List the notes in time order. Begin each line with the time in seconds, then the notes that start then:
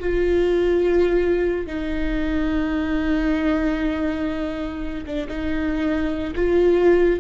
0.00 F4
1.67 D#4
5.06 D4
5.29 D#4
6.36 F4